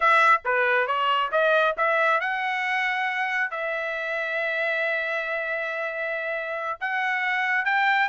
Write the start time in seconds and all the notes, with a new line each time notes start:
0.00 E5
0.44 B4
0.87 C#5
1.31 D#5
1.77 E5
2.20 F#5
3.50 E5
6.80 F#5
7.65 G5